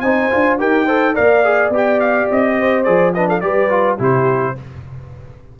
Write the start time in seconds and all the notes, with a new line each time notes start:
0.00 C4 D#4 C5 G#5
0.30 D4 F4
0.58 D#4 G4 A#4 G5
0.85 A4 C5
1.14 A#3 A#4 D5 F5
1.44 G#4
1.69 B3 G4
1.77 G5
2.00 F5
2.31 C4 D#5
2.59 C5
2.83 F3 G#4 D5
3.14 D4 B4 D#5
3.29 A4 F5
3.40 G3 G4 B4 D5
3.70 F4
3.98 C3 E4 G4 C5